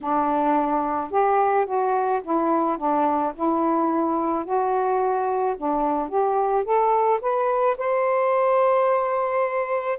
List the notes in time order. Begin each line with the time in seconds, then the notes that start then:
0.01 D4
1.11 G4
1.65 F#4
2.23 E4
2.77 D4
3.35 E4
4.44 F#4
5.57 D4
6.09 G4
6.64 A4
7.21 B4
7.77 C5